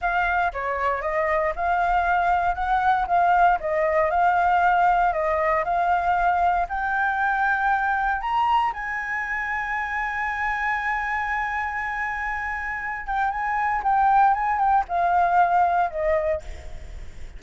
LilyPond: \new Staff \with { instrumentName = "flute" } { \time 4/4 \tempo 4 = 117 f''4 cis''4 dis''4 f''4~ | f''4 fis''4 f''4 dis''4 | f''2 dis''4 f''4~ | f''4 g''2. |
ais''4 gis''2.~ | gis''1~ | gis''4. g''8 gis''4 g''4 | gis''8 g''8 f''2 dis''4 | }